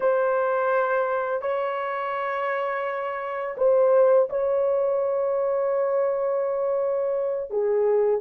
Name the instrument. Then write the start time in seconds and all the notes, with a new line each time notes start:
horn
0.00 C5
1.41 C#5
3.57 C5
4.29 C#5
7.50 G#4